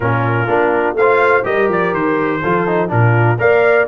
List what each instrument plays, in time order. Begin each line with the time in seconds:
0.00 tuba A#2, trombone C#4, horn F4, trumpet A#4
0.47 tuba A#3, trombone D4
0.94 tuba A3, horn C5, trumpet F5
1.00 trombone F4
1.43 tuba G3, trombone G4, horn A#4, trumpet D#5
1.69 tuba F3, trumpet D5
1.92 tuba D#3, trumpet C5
2.41 tuba F3, trombone F4, horn A4
2.67 trombone D#4
2.88 tuba A#2, trombone D4, horn F4, trumpet A#4
3.38 tuba A#3, trombone A#4, horn D5, trumpet F5